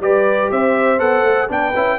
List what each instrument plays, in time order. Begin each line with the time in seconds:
0.00 tuba G3, trombone G4, horn B4, trumpet D5
0.51 tuba C4, horn C5, trumpet E5
0.99 tuba B3, trombone A4, trumpet F#5
1.23 tuba A3
1.48 tuba B3, trombone D4, horn B4, trumpet G5
1.76 tuba C#4, trombone E4